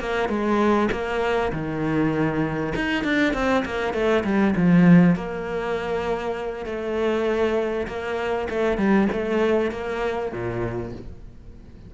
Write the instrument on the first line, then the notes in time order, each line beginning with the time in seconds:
cello
0.00 A#3
0.29 G#3
0.91 A#3
1.52 D#3
2.75 D#4
3.04 D4
3.34 C4
3.65 A#3
3.93 A3
4.24 G3
4.56 F3
5.16 A#3
6.66 A3
7.87 A#3
8.49 A3
8.77 G3
9.12 A3
9.71 A#3
10.32 A#2